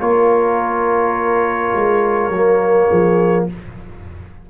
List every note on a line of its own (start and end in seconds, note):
0.00 1.73 A#3
0.00 2.31 F4
0.00 2.88 A#4
0.00 3.46 C#5
1.75 2.29 G#3
2.29 2.87 F#3
2.29 3.50 A#3
2.88 3.49 F3
2.88 3.45 G#4